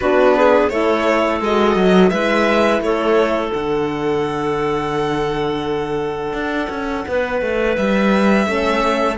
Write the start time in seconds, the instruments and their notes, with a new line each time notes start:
0.00 cello B3, horn D4, clarinet F#4, violin B4
0.35 clarinet G#4
0.69 cello A3, horn E4, clarinet A4, violin C#5
1.40 cello G#3, horn F#4, violin D#5
1.75 cello F#3
2.09 cello G#3, horn E4, clarinet B4, violin E5
2.80 cello A3, clarinet A4, violin C#5
3.52 cello D3, horn D4, violin F#5
6.32 cello D4
6.69 cello C#4
7.08 cello B3, clarinet B4
7.41 cello A3
7.75 cello G3, violin E5
8.46 cello A3, horn C#4, clarinet A4